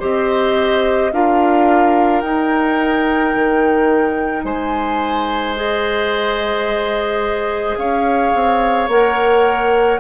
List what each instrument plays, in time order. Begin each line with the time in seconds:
0.00 bassoon C4, clarinet G4, oboe C5, flute D#5
1.12 bassoon D4, clarinet F4, oboe A#4, flute F5
2.21 bassoon D#4, clarinet D#4, flute G5
3.35 bassoon D#3
4.44 bassoon G#3, oboe C5, flute G#5
5.56 clarinet G#4, flute D#5
7.77 bassoon C#4, oboe C#5, flute F5
8.34 bassoon C4
8.88 bassoon A#3, clarinet A#4, flute F#5